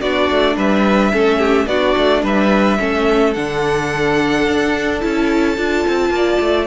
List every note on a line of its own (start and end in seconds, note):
0.00 0.29 B3
0.00 1.12 D4
0.00 0.56 F#4
0.00 0.56 D5
0.30 0.56 A3
0.56 1.12 G3
0.56 1.12 B4
0.56 1.67 E5
1.12 1.66 A3
1.12 1.68 C#4
1.12 1.38 A4
1.38 1.66 G4
1.66 1.94 B3
1.66 2.78 D4
1.66 2.23 F#4
1.66 2.22 D5
1.97 2.23 A3
2.23 2.78 G3
2.23 2.78 B4
2.23 3.33 E5
2.78 3.36 A3
2.78 3.34 C#4
2.78 6.13 A4
3.33 4.47 D3
3.33 5.00 D4
3.33 5.00 F#5
4.47 5.03 D4
5.00 5.57 C#4
5.00 5.56 E4
5.00 6.66 A5
5.56 5.85 D4
5.56 6.66 F4
5.87 6.09 C4
6.09 6.37 A#3
6.16 6.66 D5
6.40 6.66 A3